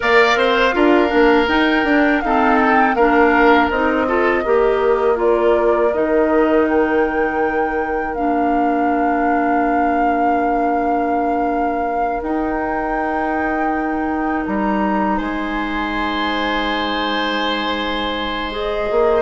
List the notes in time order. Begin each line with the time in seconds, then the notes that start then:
0.00 A#3 A#4 D5 F5
0.35 C4 C5
0.72 D4 F4 A#4
1.08 A#3 D4
1.48 D#4 G5
1.84 D4
2.21 C4 D#4 A4 F5
2.60 G5
2.95 A#3 D4 A#4 F5
3.70 C4 D#4 D#5
4.07 F4 A4
4.43 A#3 G4 A#4
5.15 F4 D5
5.93 D#3 D#4 D#5
6.68 G5
8.14 A#3 D4 F5
12.21 D#4 G5
14.45 G3 A#5
15.17 G#3 C5 G#5
18.51 G#4 D#5
18.90 A#3